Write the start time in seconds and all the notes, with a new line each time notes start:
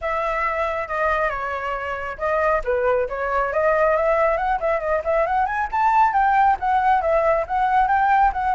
0.01 E5
0.88 D#5
1.29 C#5
2.18 D#5
2.64 B4
3.09 C#5
3.52 D#5
3.96 E5
4.37 F#5
4.60 E5
4.80 D#5
5.04 E5
5.26 F#5
5.45 G#5
5.71 A5
6.12 G5
6.59 F#5
7.01 E5
7.47 F#5
7.87 G5
8.33 F#5